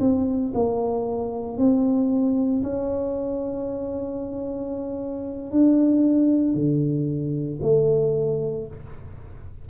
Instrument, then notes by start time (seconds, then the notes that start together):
tuba
0.00 C4
0.54 A#3
1.57 C4
2.63 C#4
5.51 D4
6.55 D3
7.62 A3